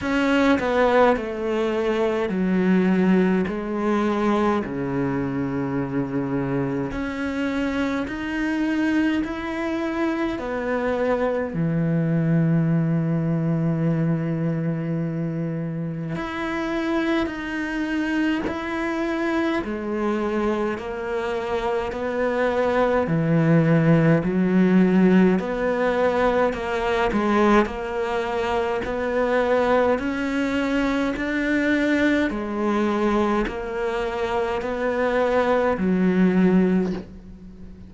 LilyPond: \new Staff \with { instrumentName = "cello" } { \time 4/4 \tempo 4 = 52 cis'8 b8 a4 fis4 gis4 | cis2 cis'4 dis'4 | e'4 b4 e2~ | e2 e'4 dis'4 |
e'4 gis4 ais4 b4 | e4 fis4 b4 ais8 gis8 | ais4 b4 cis'4 d'4 | gis4 ais4 b4 fis4 | }